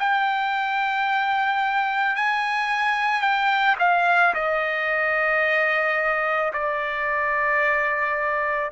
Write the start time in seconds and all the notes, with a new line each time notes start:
0.00 G5
2.16 G#5
3.22 G5
3.79 F5
4.34 D#5
6.54 D5